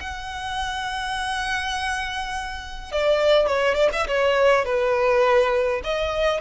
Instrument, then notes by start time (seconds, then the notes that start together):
violin
0.00 F#5
2.92 D5
3.47 C#5
3.74 D5
3.92 E5
4.07 C#5
4.65 B4
5.84 D#5